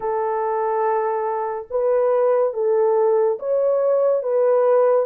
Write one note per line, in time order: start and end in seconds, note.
0.00 1.67 A4
1.70 2.54 B4
2.54 3.38 A4
3.39 4.23 C#5
4.23 5.06 B4